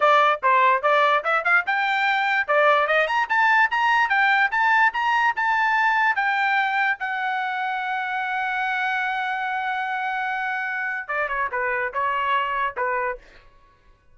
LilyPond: \new Staff \with { instrumentName = "trumpet" } { \time 4/4 \tempo 4 = 146 d''4 c''4 d''4 e''8 f''8 | g''2 d''4 dis''8 ais''8 | a''4 ais''4 g''4 a''4 | ais''4 a''2 g''4~ |
g''4 fis''2.~ | fis''1~ | fis''2. d''8 cis''8 | b'4 cis''2 b'4 | }